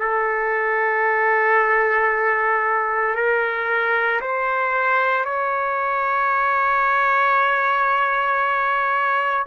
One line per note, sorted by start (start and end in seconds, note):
0.00 3.15 A4
3.15 4.21 A#4
4.21 5.25 C5
5.25 9.46 C#5